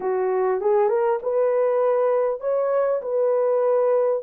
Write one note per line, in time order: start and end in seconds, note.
0.00 0.60 F#4
0.60 0.88 G#4
0.88 1.19 A#4
1.22 2.40 B4
2.40 3.01 C#5
3.02 4.23 B4